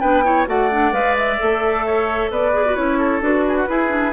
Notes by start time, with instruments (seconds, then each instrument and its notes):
0.00 bassoon B3, clarinet D4, oboe B4, flute G5
0.24 clarinet E4, oboe C#5
0.46 bassoon A3, clarinet F#4, oboe D5, flute F#5
0.71 clarinet D4
0.92 bassoon G#3, clarinet B4, flute F5
1.17 flute E5
1.39 bassoon A3, clarinet A4
1.86 oboe C#5
2.30 bassoon B3, oboe B4, flute D5
2.53 clarinet G#4
2.65 clarinet F#4
2.76 bassoon C#4, clarinet E4, flute C#5
2.98 oboe A4
3.21 bassoon D4, clarinet F#4, flute B4
3.48 oboe G#4
3.57 oboe F#4
3.67 clarinet E4, bassoon E4, oboe G#4
3.89 clarinet D4